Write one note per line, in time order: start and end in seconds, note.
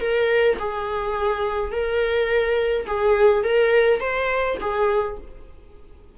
0.00 0.57 A#4
0.59 1.71 G#4
1.71 2.86 A#4
2.87 3.43 G#4
3.43 4.00 A#4
4.00 4.57 C5
4.60 5.17 G#4